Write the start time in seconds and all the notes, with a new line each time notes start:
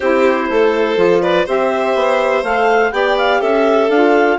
0.00 C4 E4 G4 C5
0.49 A3 A4
0.95 F3 F4
1.22 B4 D5
1.45 C4 G4 C5 E5
1.95 B3
2.42 A3 A4 F5
2.91 B3 G4 D5 G5
3.17 F5
3.40 C#4 A4 E5
3.89 D4 F4 F5